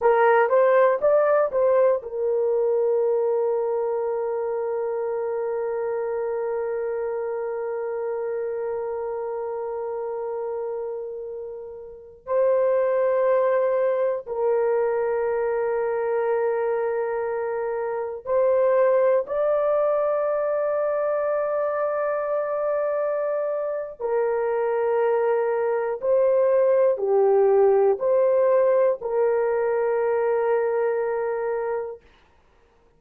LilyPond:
\new Staff \with { instrumentName = "horn" } { \time 4/4 \tempo 4 = 60 ais'8 c''8 d''8 c''8 ais'2~ | ais'1~ | ais'1~ | ais'16 c''2 ais'4.~ ais'16~ |
ais'2~ ais'16 c''4 d''8.~ | d''1 | ais'2 c''4 g'4 | c''4 ais'2. | }